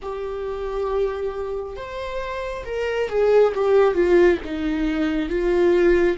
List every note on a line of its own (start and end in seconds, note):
0.02 1.76 G4
1.76 2.64 C5
2.65 3.08 A#4
3.08 3.53 G#4
3.54 3.94 G4
3.94 4.38 F4
4.44 5.29 D#4
5.29 6.17 F4